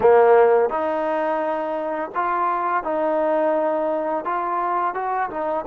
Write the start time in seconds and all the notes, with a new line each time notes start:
0.00 A#3
0.69 D#4
2.15 F4
2.83 D#4
4.24 F4
4.94 F#4
5.29 D#4